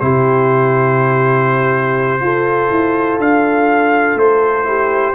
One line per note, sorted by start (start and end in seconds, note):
0.00 2.21 C3
0.00 2.20 E4
0.00 2.24 G4
0.00 3.20 C5
2.20 4.65 F4
2.20 2.70 F4
2.20 4.68 A4
2.71 3.18 E4
3.18 4.15 D4
3.18 4.18 F5
4.15 5.14 A3
4.15 5.15 C5
4.65 5.14 E4
4.65 5.15 G4